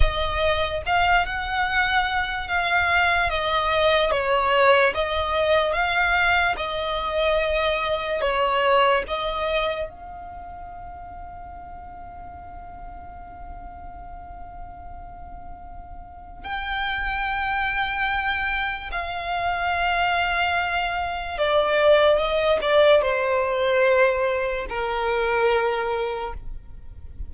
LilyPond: \new Staff \with { instrumentName = "violin" } { \time 4/4 \tempo 4 = 73 dis''4 f''8 fis''4. f''4 | dis''4 cis''4 dis''4 f''4 | dis''2 cis''4 dis''4 | f''1~ |
f''1 | g''2. f''4~ | f''2 d''4 dis''8 d''8 | c''2 ais'2 | }